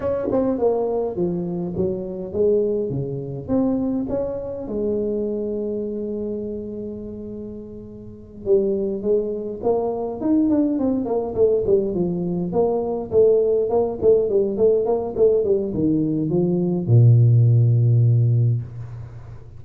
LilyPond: \new Staff \with { instrumentName = "tuba" } { \time 4/4 \tempo 4 = 103 cis'8 c'8 ais4 f4 fis4 | gis4 cis4 c'4 cis'4 | gis1~ | gis2~ gis8 g4 gis8~ |
gis8 ais4 dis'8 d'8 c'8 ais8 a8 | g8 f4 ais4 a4 ais8 | a8 g8 a8 ais8 a8 g8 dis4 | f4 ais,2. | }